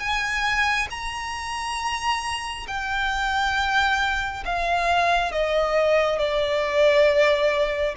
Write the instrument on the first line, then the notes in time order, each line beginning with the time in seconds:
violin
0.00 G#5
0.91 A#5
2.68 G5
4.46 F5
5.32 D#5
6.19 D5